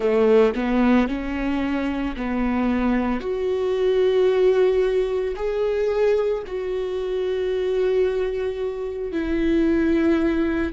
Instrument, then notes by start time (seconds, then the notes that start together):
viola
0.00 A3
0.54 B3
1.08 C#4
2.16 B3
3.20 F#4
5.36 G#4
6.46 F#4
9.12 E4